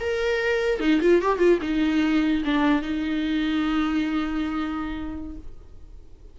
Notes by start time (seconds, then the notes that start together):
0.00 A#4
0.80 D#4
1.01 F4
1.22 G4
1.38 F4
1.61 D#4
2.45 D4
2.82 D#4